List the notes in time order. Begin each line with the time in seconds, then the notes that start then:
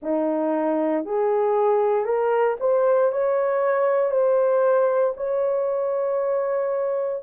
0.02 D#4
1.05 G#4
2.05 A#4
2.60 C5
3.11 C#5
4.11 C5
5.17 C#5